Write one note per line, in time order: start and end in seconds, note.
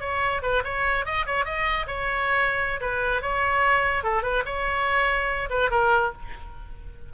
0.00 0.41 C#5
0.42 0.63 B4
0.64 1.05 C#5
1.05 1.26 D#5
1.26 1.45 C#5
1.45 1.86 D#5
1.87 2.80 C#5
2.80 3.21 B4
3.21 4.03 C#5
4.03 4.22 A4
4.22 4.43 B4
4.45 5.49 C#5
5.49 5.70 B4
5.70 6.12 A#4